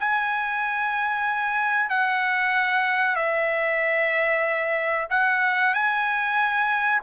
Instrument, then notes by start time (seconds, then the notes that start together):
trumpet
0.00 G#5
1.90 F#5
3.16 E5
5.10 F#5
5.74 G#5